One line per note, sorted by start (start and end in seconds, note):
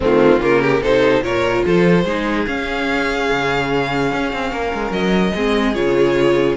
0.00 0.40 D#3
0.00 0.39 A3
0.00 0.40 C4
0.00 0.43 F4
0.39 0.81 C#3
0.39 0.80 A#3
0.39 0.61 F4
0.39 0.82 A#4
0.61 0.81 G4
0.81 1.21 C3
0.81 1.23 D#4
0.81 1.22 A4
0.81 1.23 C5
1.21 1.62 A#2
1.21 2.06 F4
1.21 1.64 A#4
1.21 1.64 C#5
1.65 2.05 F3
1.65 2.04 A4
1.65 2.46 C5
2.04 2.46 G#3
2.04 2.46 D#4
2.04 4.50 G#4
2.46 5.34 C#4
2.46 3.29 C#4
2.46 4.92 F5
3.31 4.12 C#3
4.12 4.32 C#4
4.32 4.52 C4
4.51 4.72 A#3
4.51 5.33 A#4
4.73 4.91 G#3
4.91 5.32 F#3
4.91 5.74 D#5
5.34 5.75 G#3
5.34 5.74 C4
5.34 6.56 G#4
5.74 6.56 C#3
5.74 6.56 F4
5.74 6.56 C#5